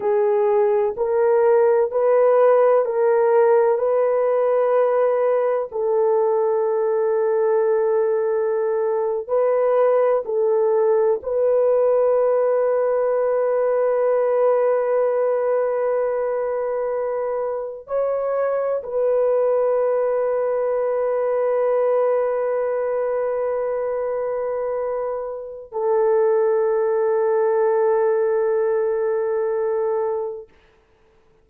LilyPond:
\new Staff \with { instrumentName = "horn" } { \time 4/4 \tempo 4 = 63 gis'4 ais'4 b'4 ais'4 | b'2 a'2~ | a'4.~ a'16 b'4 a'4 b'16~ | b'1~ |
b'2~ b'8. cis''4 b'16~ | b'1~ | b'2. a'4~ | a'1 | }